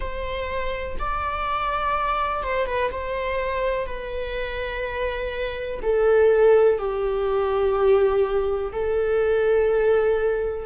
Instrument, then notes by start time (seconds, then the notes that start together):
viola
0.00 C5
0.99 D5
2.43 C5
2.66 B4
2.90 C5
3.86 B4
5.82 A4
6.78 G4
8.72 A4